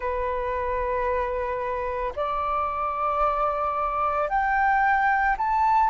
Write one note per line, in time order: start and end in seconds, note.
0.00 2.12 B4
2.15 4.29 D5
4.29 5.36 G5
5.37 5.90 A5